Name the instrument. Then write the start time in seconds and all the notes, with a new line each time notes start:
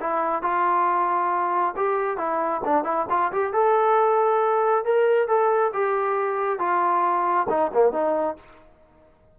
trombone
0.00 E4
0.42 F4
1.76 G4
2.17 E4
2.64 D4
2.84 E4
3.09 F4
3.32 G4
3.53 A4
4.84 A#4
5.27 A4
5.73 G4
6.59 F4
7.49 D#4
7.73 A#3
7.92 D#4